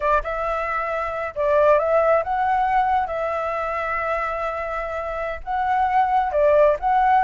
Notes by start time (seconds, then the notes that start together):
0.00 D5
0.23 E5
1.35 D5
1.78 E5
2.23 F#5
3.07 E5
5.43 F#5
6.32 D5
6.79 F#5